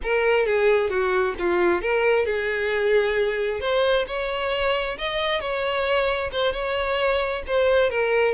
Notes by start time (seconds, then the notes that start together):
0.02 A#4
0.46 G#4
0.89 F#4
1.38 F4
1.81 A#4
2.25 G#4
3.60 C5
4.07 C#5
4.97 D#5
5.40 C#5
6.32 C5
6.52 C#5
7.46 C5
7.89 A#4